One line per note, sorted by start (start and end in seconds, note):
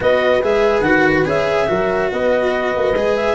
0.00 0.42 B3
0.00 0.42 F#4
0.00 1.68 B4
0.00 0.43 D#5
0.42 0.80 G#3
0.42 0.84 G#4
0.42 0.81 E5
0.80 1.23 D#3
0.80 1.25 F#4
0.80 1.23 F#5
1.25 1.68 C#4
1.25 1.67 G#4
1.25 2.12 E5
1.67 2.12 F#3
1.67 2.94 F#4
1.67 2.10 A#4
2.12 2.75 B3
2.12 3.35 B4
2.12 3.16 D#5
2.76 2.93 A#3
2.93 3.35 G#3
2.93 3.35 G#4
3.16 3.35 E5